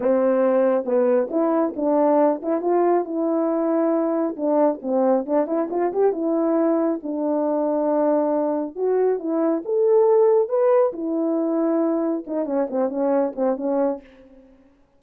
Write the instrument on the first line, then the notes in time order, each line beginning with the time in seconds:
horn
0.00 C4
0.84 B3
1.30 E4
1.75 D4
2.42 E4
2.61 F4
3.04 E4
4.36 D4
4.82 C4
5.26 D4
5.46 E4
5.70 F4
5.92 G4
6.12 E4
7.02 D4
8.75 F#4
9.19 E4
9.65 A4
10.48 B4
10.92 E4
12.26 D#4
12.45 C#4
12.69 C4
12.89 C#4
13.35 C4
13.56 C#4